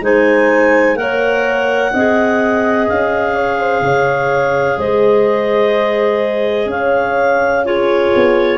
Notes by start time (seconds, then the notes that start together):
0.00 G#3 D#4 C5 G#5
0.95 A#3 A#4 C#5 F#5
1.93 C4 G#4 D#5
2.88 C#4 F5
3.35 C#5
3.59 C5
3.81 C#3 C#5
4.78 G#3 C5 D#5
6.65 C#4 C#5 F5
7.65 F4 G#4 C#5
8.15 B3